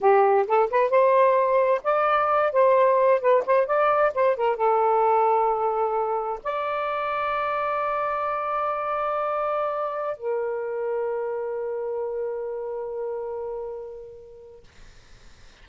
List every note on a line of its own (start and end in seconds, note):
0.00 0.46 G4
0.47 0.70 A4
0.70 0.90 B4
0.90 1.81 C5
1.83 2.52 D5
2.52 3.20 C5
3.20 3.43 B4
3.46 3.66 C5
3.66 4.12 D5
4.14 4.36 C5
4.36 4.56 A#4
4.56 6.39 A4
6.43 10.17 D5
10.17 14.63 A#4